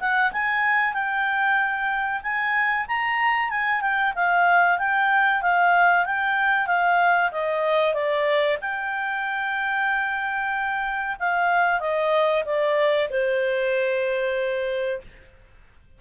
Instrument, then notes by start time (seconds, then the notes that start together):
clarinet
0.00 F#5
0.32 G#5
0.94 G5
2.23 G#5
2.88 A#5
3.50 G#5
3.81 G5
4.15 F5
4.78 G5
5.42 F5
6.06 G5
6.67 F5
7.31 D#5
7.94 D5
8.61 G5
11.19 F5
11.80 D#5
12.45 D5
13.10 C5